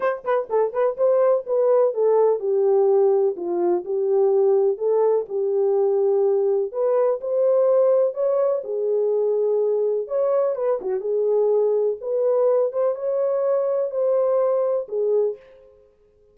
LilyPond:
\new Staff \with { instrumentName = "horn" } { \time 4/4 \tempo 4 = 125 c''8 b'8 a'8 b'8 c''4 b'4 | a'4 g'2 f'4 | g'2 a'4 g'4~ | g'2 b'4 c''4~ |
c''4 cis''4 gis'2~ | gis'4 cis''4 b'8 fis'8 gis'4~ | gis'4 b'4. c''8 cis''4~ | cis''4 c''2 gis'4 | }